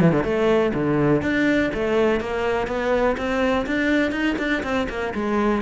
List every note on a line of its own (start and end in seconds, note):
0.00 0.12 E3
0.12 0.24 D3
0.24 0.72 A3
0.74 1.22 D3
1.22 1.71 D4
1.74 2.20 A3
2.20 2.67 A#3
2.67 3.16 B3
3.17 3.66 C4
3.66 4.11 D4
4.11 4.36 D#4
4.38 4.63 D4
4.63 4.87 C4
4.89 5.13 A#3
5.14 5.62 G#3